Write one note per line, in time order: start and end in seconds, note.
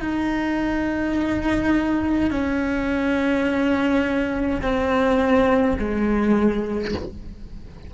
0.00 2.31 D#4
2.31 4.62 C#4
4.62 5.77 C4
5.79 6.94 G#3